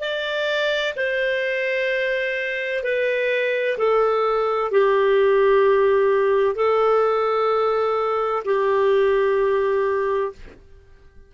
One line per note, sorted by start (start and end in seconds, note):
0.00 0.94 D5
0.96 2.83 C5
2.83 3.77 B4
3.78 4.71 A4
4.71 6.55 G4
6.55 8.43 A4
8.45 10.33 G4